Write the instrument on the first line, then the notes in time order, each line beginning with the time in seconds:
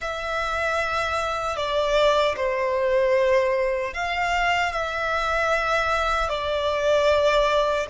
violin
0.01 E5
1.56 D5
2.36 C5
3.93 F5
4.72 E5
6.28 D5